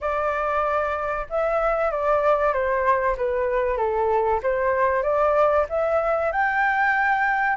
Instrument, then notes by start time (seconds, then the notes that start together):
flute
0.00 D5
1.29 E5
1.91 D5
2.53 C5
3.17 B4
3.77 A4
4.42 C5
5.02 D5
5.69 E5
6.32 G5